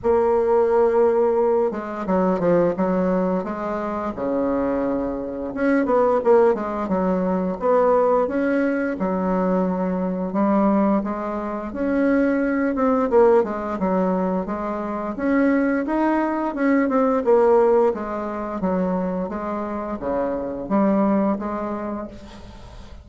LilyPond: \new Staff \with { instrumentName = "bassoon" } { \time 4/4 \tempo 4 = 87 ais2~ ais8 gis8 fis8 f8 | fis4 gis4 cis2 | cis'8 b8 ais8 gis8 fis4 b4 | cis'4 fis2 g4 |
gis4 cis'4. c'8 ais8 gis8 | fis4 gis4 cis'4 dis'4 | cis'8 c'8 ais4 gis4 fis4 | gis4 cis4 g4 gis4 | }